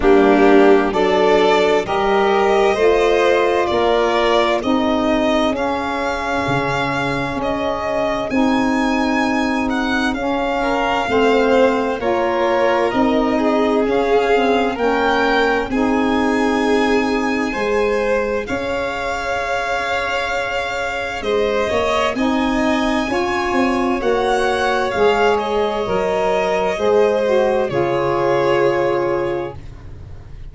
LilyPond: <<
  \new Staff \with { instrumentName = "violin" } { \time 4/4 \tempo 4 = 65 g'4 d''4 dis''2 | d''4 dis''4 f''2 | dis''4 gis''4. fis''8 f''4~ | f''4 cis''4 dis''4 f''4 |
g''4 gis''2. | f''2. dis''4 | gis''2 fis''4 f''8 dis''8~ | dis''2 cis''2 | }
  \new Staff \with { instrumentName = "violin" } { \time 4/4 d'4 a'4 ais'4 c''4 | ais'4 gis'2.~ | gis'2.~ gis'8 ais'8 | c''4 ais'4. gis'4. |
ais'4 gis'2 c''4 | cis''2. c''8 cis''8 | dis''4 cis''2.~ | cis''4 c''4 gis'2 | }
  \new Staff \with { instrumentName = "saxophone" } { \time 4/4 ais4 d'4 g'4 f'4~ | f'4 dis'4 cis'2~ | cis'4 dis'2 cis'4 | c'4 f'4 dis'4 cis'8 c'8 |
cis'4 dis'2 gis'4~ | gis'1 | dis'4 f'4 fis'4 gis'4 | ais'4 gis'8 fis'8 f'2 | }
  \new Staff \with { instrumentName = "tuba" } { \time 4/4 g4 fis4 g4 a4 | ais4 c'4 cis'4 cis4 | cis'4 c'2 cis'4 | a4 ais4 c'4 cis'4 |
ais4 c'2 gis4 | cis'2. gis8 ais8 | c'4 cis'8 c'8 ais4 gis4 | fis4 gis4 cis2 | }
>>